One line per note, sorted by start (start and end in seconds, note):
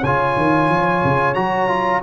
0.00 0.36 C#3
0.00 1.35 F4
0.00 2.00 C#5
0.00 1.34 G#5
0.37 0.69 D#3
0.69 1.02 F3
1.03 1.36 C#3
1.34 2.02 F#3
1.34 1.68 F#4
1.34 2.01 A#5
1.68 2.01 F4